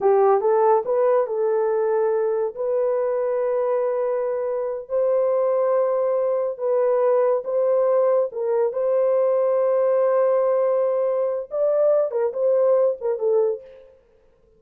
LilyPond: \new Staff \with { instrumentName = "horn" } { \time 4/4 \tempo 4 = 141 g'4 a'4 b'4 a'4~ | a'2 b'2~ | b'2.~ b'8 c''8~ | c''2.~ c''8 b'8~ |
b'4. c''2 ais'8~ | ais'8 c''2.~ c''8~ | c''2. d''4~ | d''8 ais'8 c''4. ais'8 a'4 | }